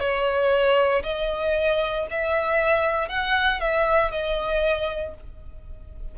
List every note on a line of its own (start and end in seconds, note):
0.00 1.03 C#5
1.04 2.07 D#5
2.11 3.09 E5
3.09 3.61 F#5
3.61 4.11 E5
4.11 5.15 D#5